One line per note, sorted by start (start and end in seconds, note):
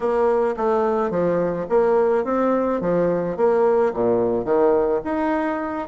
0.00 0.55 A#3
0.57 1.10 A3
1.10 1.66 F3
1.69 2.24 A#3
2.24 2.80 C4
2.80 3.36 F3
3.36 3.93 A#3
3.93 4.44 A#2
4.44 5.00 D#3
5.04 5.88 D#4